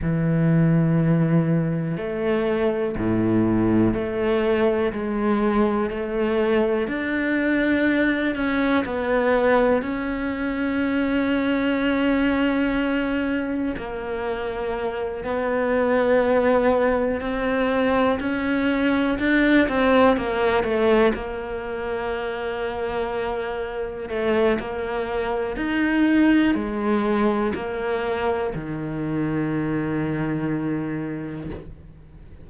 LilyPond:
\new Staff \with { instrumentName = "cello" } { \time 4/4 \tempo 4 = 61 e2 a4 a,4 | a4 gis4 a4 d'4~ | d'8 cis'8 b4 cis'2~ | cis'2 ais4. b8~ |
b4. c'4 cis'4 d'8 | c'8 ais8 a8 ais2~ ais8~ | ais8 a8 ais4 dis'4 gis4 | ais4 dis2. | }